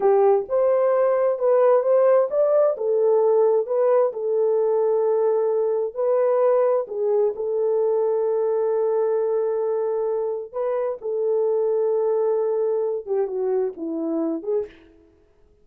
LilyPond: \new Staff \with { instrumentName = "horn" } { \time 4/4 \tempo 4 = 131 g'4 c''2 b'4 | c''4 d''4 a'2 | b'4 a'2.~ | a'4 b'2 gis'4 |
a'1~ | a'2. b'4 | a'1~ | a'8 g'8 fis'4 e'4. gis'8 | }